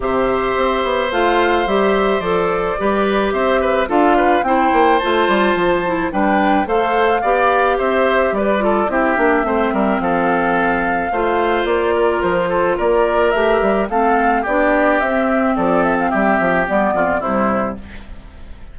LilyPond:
<<
  \new Staff \with { instrumentName = "flute" } { \time 4/4 \tempo 4 = 108 e''2 f''4 e''4 | d''2 e''4 f''4 | g''4 a''2 g''4 | f''2 e''4 d''4 |
e''2 f''2~ | f''4 d''4 c''4 d''4 | e''4 f''4 d''4 e''4 | d''8 e''16 f''16 e''4 d''4 c''4 | }
  \new Staff \with { instrumentName = "oboe" } { \time 4/4 c''1~ | c''4 b'4 c''8 b'8 a'8 b'8 | c''2. b'4 | c''4 d''4 c''4 b'8 a'8 |
g'4 c''8 ais'8 a'2 | c''4. ais'4 a'8 ais'4~ | ais'4 a'4 g'2 | a'4 g'4. f'8 e'4 | }
  \new Staff \with { instrumentName = "clarinet" } { \time 4/4 g'2 f'4 g'4 | a'4 g'2 f'4 | e'4 f'4. e'8 d'4 | a'4 g'2~ g'8 f'8 |
e'8 d'8 c'2. | f'1 | g'4 c'4 d'4 c'4~ | c'2 b4 g4 | }
  \new Staff \with { instrumentName = "bassoon" } { \time 4/4 c4 c'8 b8 a4 g4 | f4 g4 c'4 d'4 | c'8 ais8 a8 g8 f4 g4 | a4 b4 c'4 g4 |
c'8 ais8 a8 g8 f2 | a4 ais4 f4 ais4 | a8 g8 a4 b4 c'4 | f4 g8 f8 g8 f,8 c4 | }
>>